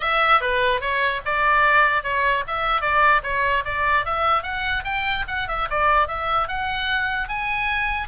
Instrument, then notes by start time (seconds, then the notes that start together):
oboe
0.00 E5
0.40 B4
0.80 C#5
1.25 D5
2.03 C#5
2.47 E5
2.81 D5
3.23 C#5
3.64 D5
4.05 E5
4.43 F#5
4.84 G5
5.27 F#5
5.48 E5
5.70 D5
6.07 E5
6.48 F#5
7.28 G#5